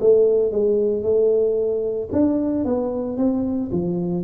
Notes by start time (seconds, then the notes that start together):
0.00 A3
0.51 G#3
1.03 A3
2.12 D4
2.65 B3
3.17 C4
3.71 F3